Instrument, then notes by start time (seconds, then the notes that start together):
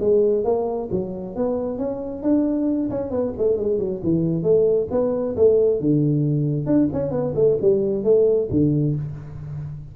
tuba
0.00 G#3
0.44 A#3
0.91 F#3
1.36 B3
1.78 C#4
2.23 D4
2.90 C#4
3.11 B3
3.38 A3
3.57 G#3
3.79 F#3
4.04 E3
4.43 A3
4.92 B3
5.36 A3
5.80 D3
6.66 D4
6.93 C#4
7.11 B3
7.35 A3
7.62 G3
8.04 A3
8.51 D3